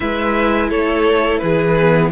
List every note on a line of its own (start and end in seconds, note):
0.00 0.71 G#3
0.00 1.75 E4
0.00 0.69 B4
0.00 0.70 E5
0.69 1.41 A3
0.69 1.40 A4
0.69 1.38 C#5
1.38 2.11 E3
1.38 2.11 G#4
1.38 2.09 B4
1.78 2.11 B3